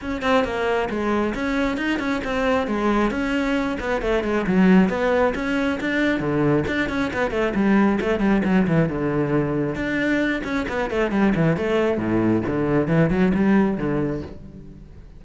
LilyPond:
\new Staff \with { instrumentName = "cello" } { \time 4/4 \tempo 4 = 135 cis'8 c'8 ais4 gis4 cis'4 | dis'8 cis'8 c'4 gis4 cis'4~ | cis'8 b8 a8 gis8 fis4 b4 | cis'4 d'4 d4 d'8 cis'8 |
b8 a8 g4 a8 g8 fis8 e8 | d2 d'4. cis'8 | b8 a8 g8 e8 a4 a,4 | d4 e8 fis8 g4 d4 | }